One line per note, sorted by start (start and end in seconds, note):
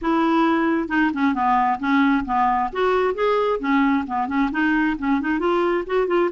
0.01 0.88 E4
0.88 1.11 D#4
1.13 1.34 C#4
1.34 1.79 B3
1.79 2.24 C#4
2.25 2.70 B3
2.72 3.14 F#4
3.14 3.59 G#4
3.59 4.05 C#4
4.07 4.27 B3
4.27 4.50 C#4
4.51 4.96 D#4
4.98 5.20 C#4
5.20 5.39 D#4
5.39 5.84 F4
5.86 6.07 F#4
6.07 6.29 F4